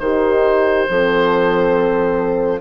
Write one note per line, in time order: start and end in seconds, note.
0.00 0.87 D#3
0.00 0.89 D#4
0.00 0.90 G4
0.00 2.61 C5
0.89 2.62 F3
0.89 2.62 C4
0.89 2.62 A4